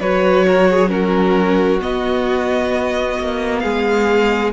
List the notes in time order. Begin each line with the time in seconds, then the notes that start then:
0.00 F#3 F#4 B4 C#5
0.47 A#4
0.69 G#4
0.87 C#4 F#4 A#4
1.80 B3 D#5
3.19 A#3
3.59 G#3 G#4 F5